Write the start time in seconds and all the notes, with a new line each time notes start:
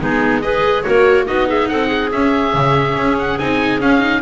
0.00 G#3 B3 D#4 G#4
0.42 G#4 B4 D#5
0.83 A#3 F#4 A#4 C#5
1.26 B3 D#4 F#4 D#5
1.48 G#4 E5
1.69 C4 A4 F#5
1.87 G#4
2.12 C#4 E5
2.54 C#3
2.97 C#4
3.19 F#5
3.39 C4 D#4 G#5
3.81 C#4 F5
4.00 D#4